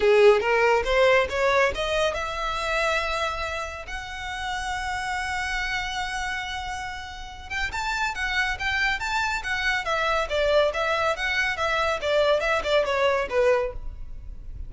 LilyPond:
\new Staff \with { instrumentName = "violin" } { \time 4/4 \tempo 4 = 140 gis'4 ais'4 c''4 cis''4 | dis''4 e''2.~ | e''4 fis''2.~ | fis''1~ |
fis''4. g''8 a''4 fis''4 | g''4 a''4 fis''4 e''4 | d''4 e''4 fis''4 e''4 | d''4 e''8 d''8 cis''4 b'4 | }